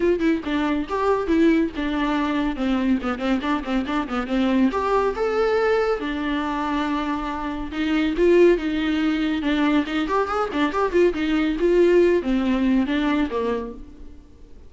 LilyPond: \new Staff \with { instrumentName = "viola" } { \time 4/4 \tempo 4 = 140 f'8 e'8 d'4 g'4 e'4 | d'2 c'4 b8 c'8 | d'8 c'8 d'8 b8 c'4 g'4 | a'2 d'2~ |
d'2 dis'4 f'4 | dis'2 d'4 dis'8 g'8 | gis'8 d'8 g'8 f'8 dis'4 f'4~ | f'8 c'4. d'4 ais4 | }